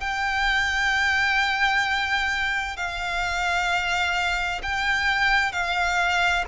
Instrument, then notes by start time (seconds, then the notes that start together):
violin
0.00 G5
2.77 F5
4.62 G5
5.52 F5